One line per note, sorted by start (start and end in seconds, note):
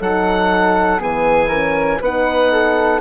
0.00 1.00 F#3
0.00 0.99 D#4
0.00 0.99 A4
0.00 1.01 F#5
0.99 2.00 E3
0.99 1.49 B3
0.99 1.48 G#4
0.99 2.02 G#5
1.48 2.00 C#4
1.48 1.98 A#4
2.00 3.00 B3
2.00 3.00 D#4
2.00 2.51 B4
2.00 3.00 F#5
2.51 3.00 A4